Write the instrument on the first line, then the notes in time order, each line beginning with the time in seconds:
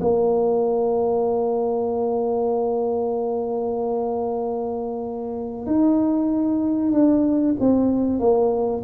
tuba
0.00 A#3
5.66 D#4
6.92 D4
7.59 C4
8.19 A#3